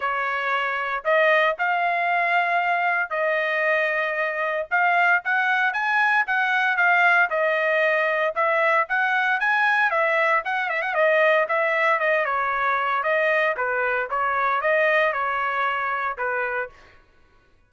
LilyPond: \new Staff \with { instrumentName = "trumpet" } { \time 4/4 \tempo 4 = 115 cis''2 dis''4 f''4~ | f''2 dis''2~ | dis''4 f''4 fis''4 gis''4 | fis''4 f''4 dis''2 |
e''4 fis''4 gis''4 e''4 | fis''8 e''16 fis''16 dis''4 e''4 dis''8 cis''8~ | cis''4 dis''4 b'4 cis''4 | dis''4 cis''2 b'4 | }